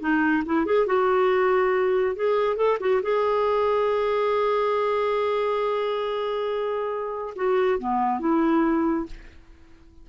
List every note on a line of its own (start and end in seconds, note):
0.00 0.43 D#4
0.46 0.66 E4
0.66 0.86 G#4
0.86 2.15 F#4
2.15 2.56 G#4
2.56 2.78 A4
2.80 3.02 F#4
3.02 7.34 G#4
7.36 7.79 F#4
7.79 8.20 B3
8.20 9.06 E4